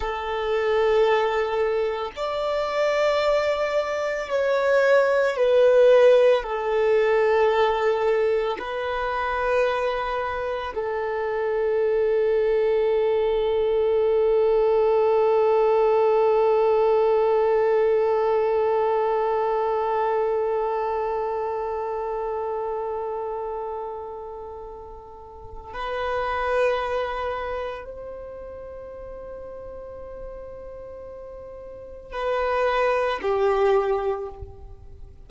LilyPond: \new Staff \with { instrumentName = "violin" } { \time 4/4 \tempo 4 = 56 a'2 d''2 | cis''4 b'4 a'2 | b'2 a'2~ | a'1~ |
a'1~ | a'1 | b'2 c''2~ | c''2 b'4 g'4 | }